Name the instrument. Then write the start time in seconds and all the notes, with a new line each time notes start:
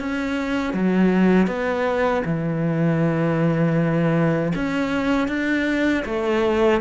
cello
0.00 C#4
0.74 F#3
1.48 B3
2.25 E3
4.55 C#4
5.28 D4
6.06 A3